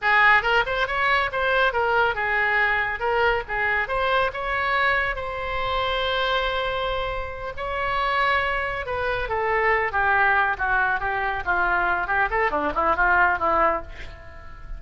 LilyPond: \new Staff \with { instrumentName = "oboe" } { \time 4/4 \tempo 4 = 139 gis'4 ais'8 c''8 cis''4 c''4 | ais'4 gis'2 ais'4 | gis'4 c''4 cis''2 | c''1~ |
c''4. cis''2~ cis''8~ | cis''8 b'4 a'4. g'4~ | g'8 fis'4 g'4 f'4. | g'8 a'8 d'8 e'8 f'4 e'4 | }